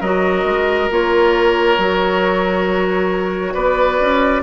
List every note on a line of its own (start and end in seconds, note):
0.00 0.44 F#3
0.00 0.90 F#4
0.00 3.53 A#4
0.00 0.90 D#5
0.44 0.89 G#3
0.90 1.77 A#3
0.90 1.78 F4
0.90 3.54 C#5
1.77 3.54 F#3
1.77 4.42 F#4
3.53 3.99 B3
3.53 4.42 B4
3.53 4.42 D5
4.00 4.42 C#4